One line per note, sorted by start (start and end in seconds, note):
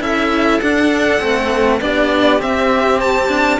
0.00 0.60 C#4
0.00 0.60 E4
0.00 1.81 A4
0.00 0.60 E5
0.60 1.22 D4
0.60 1.20 D4
0.60 1.80 F#5
1.20 1.81 A3
1.20 1.80 C4
1.80 2.41 B3
1.80 2.38 D4
1.80 3.59 G4
1.80 2.40 D5
2.38 3.28 C4
2.38 3.59 C4
2.38 3.00 E5
3.00 3.59 A5
3.28 3.58 D4